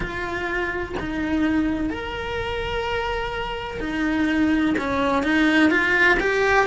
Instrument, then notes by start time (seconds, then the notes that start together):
cello
0.00 F4
0.99 D#4
1.90 A#4
3.80 D#4
4.77 C#4
5.23 D#4
5.70 F4
6.19 G4